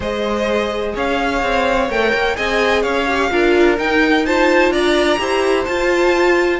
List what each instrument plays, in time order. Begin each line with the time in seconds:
0.00 cello G#3, viola G#4, violin C5 D#5
0.94 cello C#4, violin C#5 F5
1.42 cello C4
1.89 cello A3, viola A#4, violin G5
2.13 cello A#3
2.35 cello C4, viola G#4, violin D#5 G#5
2.82 cello C#4, violin C#5 F5
3.07 viola G4
3.30 cello D4, viola F4, violin A#4
3.77 viola D#4, cello D#4, violin G5
4.25 viola F4, violin C5 A5
4.70 cello D4, violin D5 A#5
5.18 cello E4, viola G4, violin C5
5.64 viola F4, cello F4, violin A5